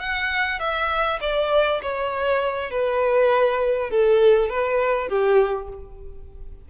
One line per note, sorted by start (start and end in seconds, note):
0.00 0.60 F#5
0.60 1.20 E5
1.21 1.81 D5
1.83 2.71 C#5
2.71 3.91 B4
3.91 4.50 A4
4.50 5.09 B4
5.09 5.69 G4